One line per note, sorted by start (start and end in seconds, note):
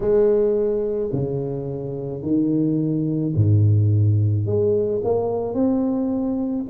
0.00 1.10 G#3
1.12 2.22 C#3
2.22 3.33 D#3
3.35 4.45 G#2
4.45 5.01 G#3
5.04 5.54 A#3
5.54 6.65 C4